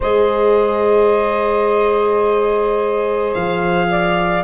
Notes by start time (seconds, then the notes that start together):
0.00 G#3 G#4 C5 D#5
3.34 F3 F5
3.89 D5